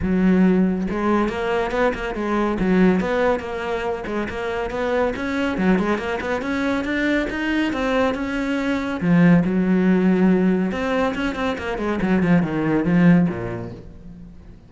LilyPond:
\new Staff \with { instrumentName = "cello" } { \time 4/4 \tempo 4 = 140 fis2 gis4 ais4 | b8 ais8 gis4 fis4 b4 | ais4. gis8 ais4 b4 | cis'4 fis8 gis8 ais8 b8 cis'4 |
d'4 dis'4 c'4 cis'4~ | cis'4 f4 fis2~ | fis4 c'4 cis'8 c'8 ais8 gis8 | fis8 f8 dis4 f4 ais,4 | }